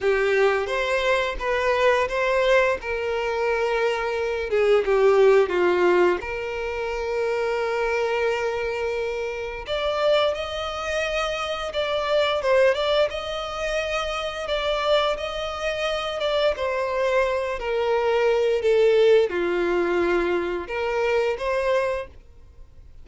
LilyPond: \new Staff \with { instrumentName = "violin" } { \time 4/4 \tempo 4 = 87 g'4 c''4 b'4 c''4 | ais'2~ ais'8 gis'8 g'4 | f'4 ais'2.~ | ais'2 d''4 dis''4~ |
dis''4 d''4 c''8 d''8 dis''4~ | dis''4 d''4 dis''4. d''8 | c''4. ais'4. a'4 | f'2 ais'4 c''4 | }